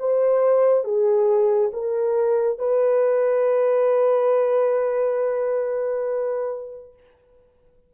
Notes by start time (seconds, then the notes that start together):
0.00 C5
0.85 G#4
1.74 A#4
2.59 B4